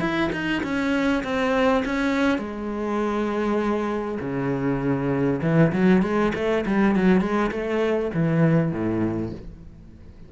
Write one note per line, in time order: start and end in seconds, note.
0.00 0.30 E4
0.32 0.62 D#4
0.63 1.23 C#4
1.24 1.84 C4
1.85 2.39 C#4
2.39 4.19 G#3
4.20 5.40 C#3
5.42 5.72 E3
5.72 6.02 F#3
6.02 6.32 G#3
6.35 6.65 A3
6.66 6.95 G3
6.95 7.21 F#3
7.21 7.51 G#3
7.51 8.11 A3
8.14 8.72 E3
8.72 9.32 A2